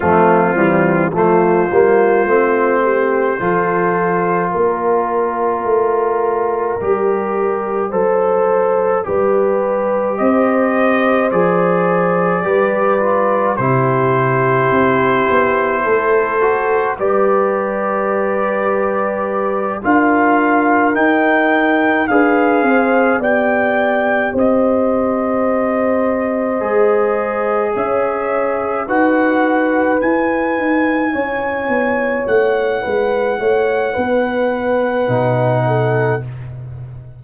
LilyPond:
<<
  \new Staff \with { instrumentName = "trumpet" } { \time 4/4 \tempo 4 = 53 f'4 c''2. | d''1~ | d''4 dis''4 d''2 | c''2. d''4~ |
d''4. f''4 g''4 f''8~ | f''8 g''4 dis''2~ dis''8~ | dis''8 e''4 fis''4 gis''4.~ | gis''8 fis''2.~ fis''8 | }
  \new Staff \with { instrumentName = "horn" } { \time 4/4 c'4 f'4. g'8 a'4 | ais'2. c''4 | b'4 c''2 b'4 | g'2 a'4 b'4~ |
b'4. ais'2 b'8 | c''8 d''4 c''2~ c''8~ | c''8 cis''4 b'2 cis''8~ | cis''4 b'8 cis''8 b'4. a'8 | }
  \new Staff \with { instrumentName = "trombone" } { \time 4/4 a8 g8 a8 ais8 c'4 f'4~ | f'2 g'4 a'4 | g'2 gis'4 g'8 f'8 | e'2~ e'8 fis'8 g'4~ |
g'4. f'4 dis'4 gis'8~ | gis'8 g'2. gis'8~ | gis'4. fis'4 e'4.~ | e'2. dis'4 | }
  \new Staff \with { instrumentName = "tuba" } { \time 4/4 f8 e8 f8 g8 a4 f4 | ais4 a4 g4 fis4 | g4 c'4 f4 g4 | c4 c'8 b8 a4 g4~ |
g4. d'4 dis'4 d'8 | c'8 b4 c'2 gis8~ | gis8 cis'4 dis'4 e'8 dis'8 cis'8 | b8 a8 gis8 a8 b4 b,4 | }
>>